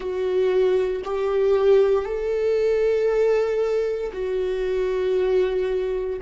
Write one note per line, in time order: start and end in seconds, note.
0.00 1.02 F#4
1.04 2.05 G4
2.05 4.11 A4
4.12 6.19 F#4